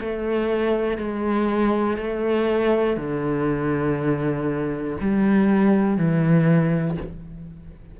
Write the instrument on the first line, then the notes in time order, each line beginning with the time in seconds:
cello
0.00 A3
0.97 G#3
1.97 A3
2.97 D3
5.01 G3
5.97 E3